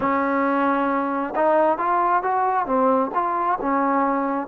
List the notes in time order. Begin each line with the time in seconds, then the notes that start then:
0.00 C#4
1.35 D#4
1.78 F4
2.23 F#4
2.66 C4
3.14 F4
3.61 C#4